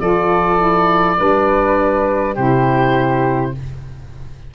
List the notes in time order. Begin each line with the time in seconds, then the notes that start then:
0.00 F3 F4 A4 D5
0.57 E4
1.17 G3 D4 B4
2.34 C3 E4 G4 C5